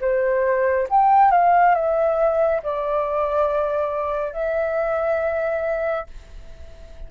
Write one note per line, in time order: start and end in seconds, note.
0.00 0.87 C5
0.89 1.31 G5
1.31 1.74 F5
1.74 2.61 E5
2.62 4.32 D5
4.32 6.06 E5